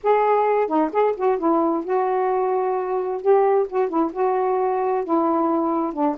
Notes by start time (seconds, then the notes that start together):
0.03 G#4
0.67 D#4
0.92 G#4
1.16 F#4
1.38 E4
1.84 F#4
3.21 G4
3.69 F#4
3.88 E4
4.12 F#4
5.04 E4
5.93 D4